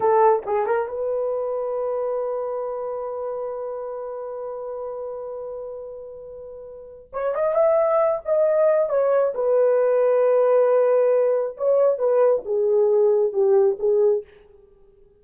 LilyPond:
\new Staff \with { instrumentName = "horn" } { \time 4/4 \tempo 4 = 135 a'4 gis'8 ais'8 b'2~ | b'1~ | b'1~ | b'1 |
cis''8 dis''8 e''4. dis''4. | cis''4 b'2.~ | b'2 cis''4 b'4 | gis'2 g'4 gis'4 | }